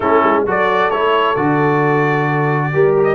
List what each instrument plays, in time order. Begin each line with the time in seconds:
0.00 tuba A3, trombone C#4, horn E4, trumpet A4
0.23 tuba G#3
0.45 tuba F#3, trombone F#4, horn A4, trumpet D5
0.90 tuba A3, trombone E4, trumpet C#5
1.35 tuba D3, trombone F#4, trumpet D5
2.73 tuba G3, trombone G4, horn A#4
2.97 trumpet G4
3.03 trumpet D#5